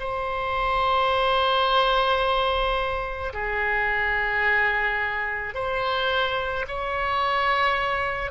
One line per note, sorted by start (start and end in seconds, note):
0.00 3.33 C5
3.33 5.55 G#4
5.55 6.66 C5
6.68 8.31 C#5